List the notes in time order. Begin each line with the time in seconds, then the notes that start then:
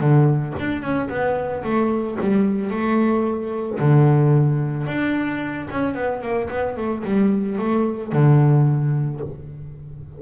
0.00 D3
0.59 D4
0.82 C#4
1.09 B3
1.64 A3
2.21 G3
2.71 A3
3.79 D3
4.87 D4
5.71 C#4
5.95 B3
6.22 A#3
6.50 B3
6.77 A3
7.05 G3
7.58 A3
8.13 D3